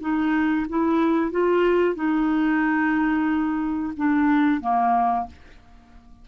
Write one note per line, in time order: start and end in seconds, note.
0.00 0.66 D#4
0.69 1.31 E4
1.31 1.95 F4
1.95 3.93 D#4
3.96 4.60 D4
4.60 5.26 A#3